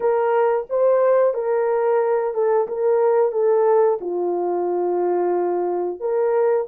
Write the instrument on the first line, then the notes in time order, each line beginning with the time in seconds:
horn
0.00 A#4
0.69 C5
1.33 A#4
2.34 A4
2.67 A#4
3.32 A4
4.00 F4
6.00 A#4